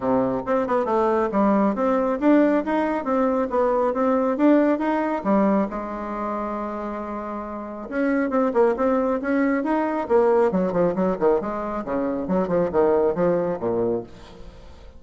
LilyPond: \new Staff \with { instrumentName = "bassoon" } { \time 4/4 \tempo 4 = 137 c4 c'8 b8 a4 g4 | c'4 d'4 dis'4 c'4 | b4 c'4 d'4 dis'4 | g4 gis2.~ |
gis2 cis'4 c'8 ais8 | c'4 cis'4 dis'4 ais4 | fis8 f8 fis8 dis8 gis4 cis4 | fis8 f8 dis4 f4 ais,4 | }